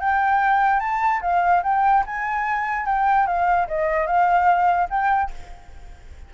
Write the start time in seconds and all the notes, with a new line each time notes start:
0.00 G5
0.80 A5
1.21 F5
1.63 G5
2.06 G#5
2.86 G5
3.26 F5
3.68 D#5
4.06 F5
4.90 G5